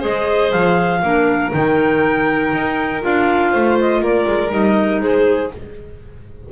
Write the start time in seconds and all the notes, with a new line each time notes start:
0.00 G#3 G#4 C5 D#5
0.52 F3 F5
1.03 A#3 D4 A#4
1.52 D#3 D#4 G5
2.54 D#4
3.01 D4 F4 F5
3.51 A3 C5
3.80 D#5
4.00 A#3 A#4 D5
4.28 G#3
4.50 G3 D#4 D#5
5.01 G#3 G#4 C5